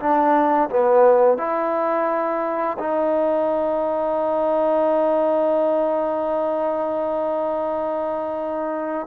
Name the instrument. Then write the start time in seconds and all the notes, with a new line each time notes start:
trombone
0.00 D4
0.70 B3
1.38 E4
2.79 D#4